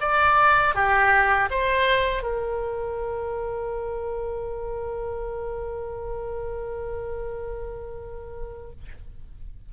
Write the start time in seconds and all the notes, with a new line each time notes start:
0.00 D5
0.74 G4
1.50 C5
2.23 A#4